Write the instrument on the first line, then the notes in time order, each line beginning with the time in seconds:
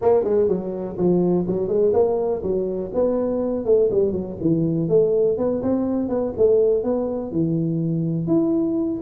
tuba
0.01 A#3
0.24 G#3
0.48 F#3
0.97 F3
1.47 F#3
1.68 G#3
1.93 A#3
2.42 F#3
2.94 B3
3.65 A3
3.90 G3
4.12 F#3
4.41 E3
4.88 A3
5.37 B3
5.62 C4
6.08 B3
6.37 A3
6.83 B3
7.31 E3
8.27 E4